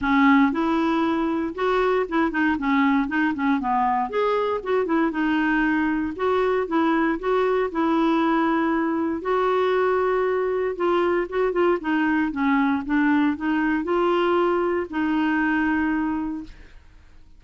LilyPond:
\new Staff \with { instrumentName = "clarinet" } { \time 4/4 \tempo 4 = 117 cis'4 e'2 fis'4 | e'8 dis'8 cis'4 dis'8 cis'8 b4 | gis'4 fis'8 e'8 dis'2 | fis'4 e'4 fis'4 e'4~ |
e'2 fis'2~ | fis'4 f'4 fis'8 f'8 dis'4 | cis'4 d'4 dis'4 f'4~ | f'4 dis'2. | }